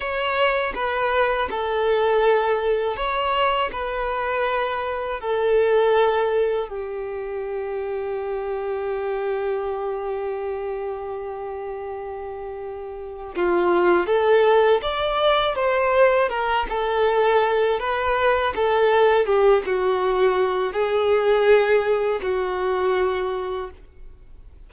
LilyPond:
\new Staff \with { instrumentName = "violin" } { \time 4/4 \tempo 4 = 81 cis''4 b'4 a'2 | cis''4 b'2 a'4~ | a'4 g'2.~ | g'1~ |
g'2 f'4 a'4 | d''4 c''4 ais'8 a'4. | b'4 a'4 g'8 fis'4. | gis'2 fis'2 | }